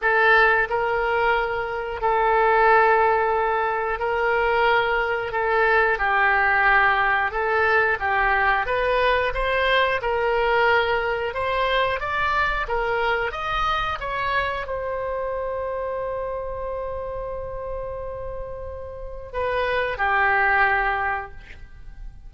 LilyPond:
\new Staff \with { instrumentName = "oboe" } { \time 4/4 \tempo 4 = 90 a'4 ais'2 a'4~ | a'2 ais'2 | a'4 g'2 a'4 | g'4 b'4 c''4 ais'4~ |
ais'4 c''4 d''4 ais'4 | dis''4 cis''4 c''2~ | c''1~ | c''4 b'4 g'2 | }